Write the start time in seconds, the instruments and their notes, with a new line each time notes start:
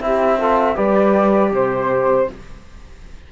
0.00 cello C4, trombone E4, saxophone G4, flute E5
0.37 trombone F4, saxophone A4
0.75 cello G3, trombone G4, saxophone B4, flute D5
1.51 cello C3, flute C5, saxophone C5